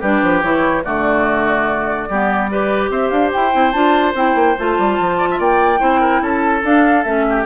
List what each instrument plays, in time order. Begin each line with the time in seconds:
0.00 bassoon G3, clarinet D4, oboe G4, flute B4
0.22 bassoon F3
0.42 bassoon E3, clarinet E4, flute C#5
0.84 bassoon D3, clarinet A3, oboe F#4, flute D5
2.09 bassoon G3, clarinet B3, oboe G4
2.50 clarinet G4, oboe B4
2.89 bassoon C4, oboe C5, flute E5
3.09 bassoon D4, flute F5
3.32 bassoon E4, flute G5
3.52 bassoon C4, clarinet E4
3.72 bassoon D4, clarinet F4, flute A5
4.14 bassoon C4, clarinet E4, flute G5
4.34 bassoon A#3
4.58 bassoon A3, clarinet F4, flute A5
4.78 bassoon G3
4.99 bassoon F3
5.17 oboe D5
5.30 oboe E5
5.38 bassoon A#3, oboe D5, flute G5
5.78 bassoon C4, clarinet E4, oboe C5
6.00 oboe A#4
6.21 bassoon C#4, oboe A4, flute A5
6.64 bassoon D4, clarinet D4, flute F5
7.04 bassoon A3, clarinet C#4, flute E5
7.29 oboe G4